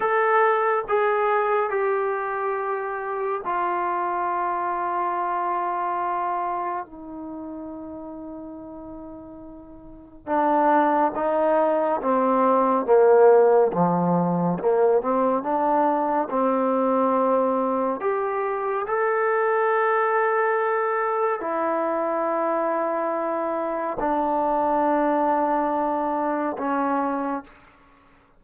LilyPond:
\new Staff \with { instrumentName = "trombone" } { \time 4/4 \tempo 4 = 70 a'4 gis'4 g'2 | f'1 | dis'1 | d'4 dis'4 c'4 ais4 |
f4 ais8 c'8 d'4 c'4~ | c'4 g'4 a'2~ | a'4 e'2. | d'2. cis'4 | }